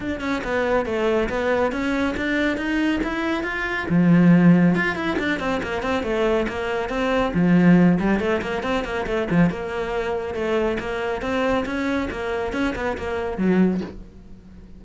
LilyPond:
\new Staff \with { instrumentName = "cello" } { \time 4/4 \tempo 4 = 139 d'8 cis'8 b4 a4 b4 | cis'4 d'4 dis'4 e'4 | f'4 f2 f'8 e'8 | d'8 c'8 ais8 c'8 a4 ais4 |
c'4 f4. g8 a8 ais8 | c'8 ais8 a8 f8 ais2 | a4 ais4 c'4 cis'4 | ais4 cis'8 b8 ais4 fis4 | }